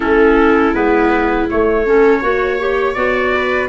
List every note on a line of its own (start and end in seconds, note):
0.00 0.74 A3
0.00 0.74 C#4
0.00 1.85 E4
0.00 0.74 A4
0.74 1.48 G#3
0.74 1.48 B3
0.74 1.48 B4
1.50 1.86 A3
1.50 2.22 A3
1.50 2.94 C#5
1.86 2.22 C#4
1.86 2.20 A4
2.20 2.96 A#3
2.20 2.59 F#4
2.20 3.31 C#5
2.59 2.95 G4
2.94 3.69 B3
2.94 3.69 F#4
2.94 3.68 D5
3.34 3.69 B4